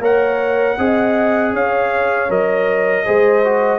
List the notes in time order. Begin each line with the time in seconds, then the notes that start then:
0.00 A#3 A#4 C#5 F#5
0.78 C4 G#4 D#5
1.53 C#4 C#5 F5
2.30 F#3 A#4 D#5
3.05 G#3 G#4 C5
3.44 F#4